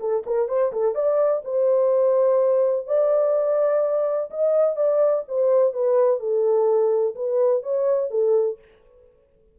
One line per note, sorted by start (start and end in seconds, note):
0.00 0.24 A4
0.26 0.48 A#4
0.48 0.72 C5
0.73 0.95 A4
0.95 1.42 D5
1.45 2.87 C5
2.87 4.30 D5
4.30 4.76 D#5
4.76 5.24 D5
5.28 5.73 C5
5.73 6.20 B4
6.20 7.15 A4
7.15 7.63 B4
7.63 8.11 C#5
8.11 8.58 A4